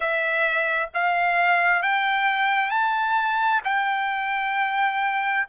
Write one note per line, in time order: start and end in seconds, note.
0.00 0.89 E5
0.94 1.82 F5
1.82 2.70 G5
2.70 3.61 A5
3.64 5.46 G5